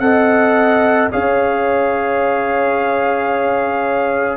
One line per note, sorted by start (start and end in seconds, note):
0.00 1.09 C4
0.00 1.10 A4
0.00 1.12 D#5
0.00 1.09 F#5
1.12 4.37 C#4
1.12 4.37 G#4
1.12 4.37 C#5
1.12 4.37 F5